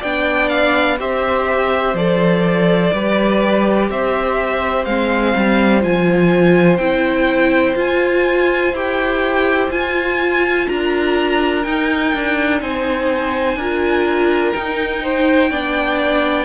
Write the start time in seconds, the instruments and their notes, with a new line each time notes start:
0.00 cello B3, viola D4, violin D5 G5
0.49 violin F5
0.99 cello C4, viola G4, violin C5 E5
1.94 cello F3, viola A4, violin D5
2.93 cello G3, viola G4, violin B4
3.90 cello C4, violin C5 E5
4.85 cello G#3, viola C4, violin F5
5.36 cello G3
5.81 cello F3, viola F4, violin G#5
6.78 cello C4, viola E4, violin G5
7.76 viola F4, cello F4, violin G#5
8.73 cello E4, viola G4, violin G5
9.71 cello F4, viola F4, violin G#5
10.68 cello D4, violin A#4 A#5
11.64 viola D#4, cello D#4, violin G5
12.15 cello D4
12.61 cello C4, violin C5 G#5
13.56 cello D4, viola F4, violin A#4
14.53 viola D#4, cello D#4, violin G5
15.03 violin C5
15.51 cello B3, viola D4, violin D5